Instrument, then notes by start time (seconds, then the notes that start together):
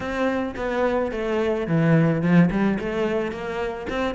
cello
0.00 C4
0.56 B3
1.11 A3
1.67 E3
2.21 F3
2.50 G3
2.79 A3
3.31 A#3
3.89 C4